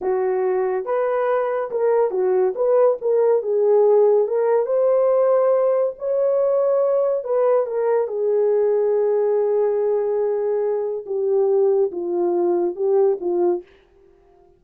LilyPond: \new Staff \with { instrumentName = "horn" } { \time 4/4 \tempo 4 = 141 fis'2 b'2 | ais'4 fis'4 b'4 ais'4 | gis'2 ais'4 c''4~ | c''2 cis''2~ |
cis''4 b'4 ais'4 gis'4~ | gis'1~ | gis'2 g'2 | f'2 g'4 f'4 | }